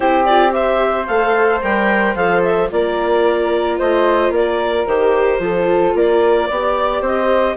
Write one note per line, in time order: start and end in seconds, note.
0.00 1.08 C4
0.00 0.27 E4
0.00 0.53 G4
0.00 0.25 C5
0.25 0.50 F4
0.25 0.52 D5
0.50 1.05 G4
0.50 2.70 C5
0.50 1.06 E5
1.06 1.62 A3
1.06 1.62 A4
1.06 1.60 F5
1.62 2.15 G3
1.62 2.15 A#4
1.62 2.15 G5
2.15 2.69 F3
2.15 2.69 A4
2.15 2.42 F5
2.43 2.70 E5
2.70 3.80 A#3
2.70 4.86 F4
2.70 3.78 A#4
2.70 3.78 D5
3.78 4.30 A3
3.78 4.32 C5
3.78 4.32 D#5
4.30 4.84 A#3
4.30 5.41 A#4
4.30 4.86 D5
4.86 5.38 D#3
4.86 5.39 G4
4.86 5.94 C5
5.38 5.92 F3
5.38 6.47 F4
5.38 5.96 A4
5.94 6.48 A#3
5.94 6.46 A#4
5.94 7.05 D5
6.46 7.01 B3
6.46 7.56 G4
6.46 7.00 D5
7.01 7.55 C4
7.01 7.55 C5
7.01 7.56 D#5